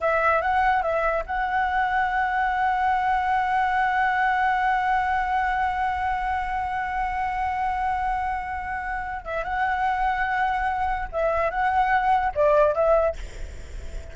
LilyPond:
\new Staff \with { instrumentName = "flute" } { \time 4/4 \tempo 4 = 146 e''4 fis''4 e''4 fis''4~ | fis''1~ | fis''1~ | fis''1~ |
fis''1~ | fis''2~ fis''8 e''8 fis''4~ | fis''2. e''4 | fis''2 d''4 e''4 | }